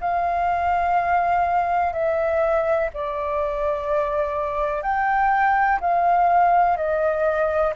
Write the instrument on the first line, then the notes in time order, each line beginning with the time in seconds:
flute
0.00 F5
1.93 E5
2.93 D5
4.82 G5
5.80 F5
6.77 D#5